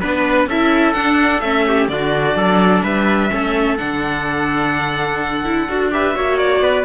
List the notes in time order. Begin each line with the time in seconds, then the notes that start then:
0.00 B3 D4 B4
0.47 C#4 E4 A4 E5
0.93 D4 F#5
1.40 A3 C#4 E5
1.68 G4
1.88 D3 D4 F#4 D5
2.35 F#3 A4
2.83 G3 B4 E5
3.29 A3 C#4 A4
3.77 D3 D4 F#5
5.45 E4
5.68 D4 F#4
5.91 G4 B4 E5
6.14 A#3 F#4 C#5
6.38 D5
6.61 B3 B4